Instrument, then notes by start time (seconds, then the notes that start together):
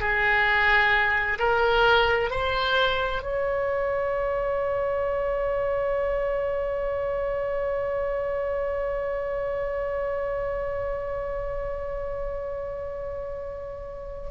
oboe
0.00 G#4
1.39 A#4
2.31 C5
3.23 C#5